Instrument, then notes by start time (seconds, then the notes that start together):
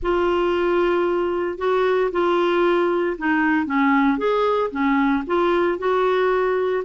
clarinet
0.02 F4
1.58 F#4
2.11 F4
3.17 D#4
3.66 C#4
4.17 G#4
4.71 C#4
5.26 F4
5.78 F#4